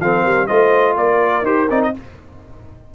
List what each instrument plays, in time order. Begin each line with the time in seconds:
0.00 tuba F3, trombone C4, horn A4, trumpet F5
0.22 tuba G3, horn A#4
0.46 tuba A3, trombone F4, horn C5, trumpet D#5
0.96 tuba A#3, horn A#4, trumpet D5
1.42 tuba D#4, trombone G4, trumpet C5
1.69 tuba C4, trombone D#4, trumpet D5
1.82 trumpet D#5